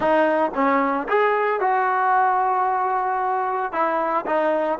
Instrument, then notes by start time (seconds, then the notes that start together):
trombone
0.00 D#4
0.54 C#4
1.08 G#4
1.60 F#4
3.72 E4
4.26 D#4